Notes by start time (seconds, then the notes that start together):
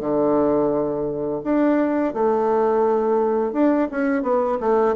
0.00 D3
1.43 D4
2.13 A3
3.52 D4
3.90 C#4
4.22 B3
4.60 A3